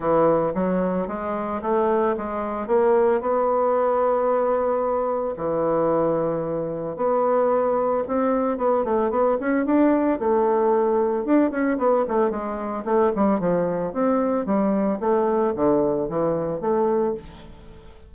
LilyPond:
\new Staff \with { instrumentName = "bassoon" } { \time 4/4 \tempo 4 = 112 e4 fis4 gis4 a4 | gis4 ais4 b2~ | b2 e2~ | e4 b2 c'4 |
b8 a8 b8 cis'8 d'4 a4~ | a4 d'8 cis'8 b8 a8 gis4 | a8 g8 f4 c'4 g4 | a4 d4 e4 a4 | }